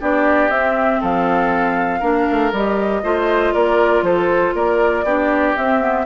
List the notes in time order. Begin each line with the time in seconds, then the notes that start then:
0.00 B3 D4 G4 D5
0.49 C4 E5
1.00 F3 A4 F5
2.00 A#3 D4 A#4
2.30 A3
2.52 G3 G4 D#5
3.03 A3 F4 C5
3.54 A#3 A#4 D5
4.02 F3 A4 C5
4.54 A#3 A#4 D5
5.03 B3 D4 G4
5.56 C4 E5
5.80 B3